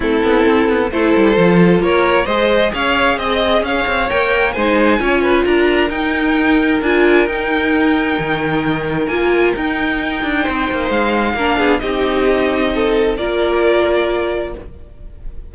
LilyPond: <<
  \new Staff \with { instrumentName = "violin" } { \time 4/4 \tempo 4 = 132 a'2 c''2 | cis''4 dis''4 f''4 dis''4 | f''4 g''4 gis''2 | ais''4 g''2 gis''4 |
g''1 | gis''4 g''2. | f''2 dis''2~ | dis''4 d''2. | }
  \new Staff \with { instrumentName = "violin" } { \time 4/4 e'2 a'2 | ais'4 c''4 cis''4 dis''4 | cis''2 c''4 cis''8 b'8 | ais'1~ |
ais'1~ | ais'2. c''4~ | c''4 ais'8 gis'8 g'2 | a'4 ais'2. | }
  \new Staff \with { instrumentName = "viola" } { \time 4/4 c'2 e'4 f'4~ | f'4 gis'2.~ | gis'4 ais'4 dis'4 f'4~ | f'4 dis'2 f'4 |
dis'1 | f'4 dis'2.~ | dis'4 d'4 dis'2~ | dis'4 f'2. | }
  \new Staff \with { instrumentName = "cello" } { \time 4/4 a8 b8 c'8 b8 a8 g8 f4 | ais4 gis4 cis'4 c'4 | cis'8 c'8 ais4 gis4 cis'4 | d'4 dis'2 d'4 |
dis'2 dis2 | ais4 dis'4. d'8 c'8 ais8 | gis4 ais8 b8 c'2~ | c'4 ais2. | }
>>